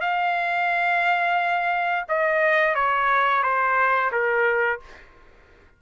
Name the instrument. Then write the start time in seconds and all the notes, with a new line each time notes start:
trumpet
0.00 F5
2.08 D#5
2.75 C#5
3.42 C5
4.11 A#4